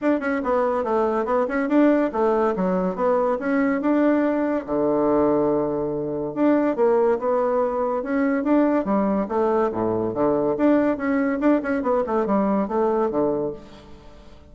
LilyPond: \new Staff \with { instrumentName = "bassoon" } { \time 4/4 \tempo 4 = 142 d'8 cis'8 b4 a4 b8 cis'8 | d'4 a4 fis4 b4 | cis'4 d'2 d4~ | d2. d'4 |
ais4 b2 cis'4 | d'4 g4 a4 a,4 | d4 d'4 cis'4 d'8 cis'8 | b8 a8 g4 a4 d4 | }